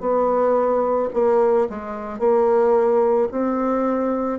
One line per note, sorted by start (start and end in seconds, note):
0.00 1.09 B3
1.14 1.68 A#3
1.70 2.19 G#3
2.19 3.28 A#3
3.32 4.39 C4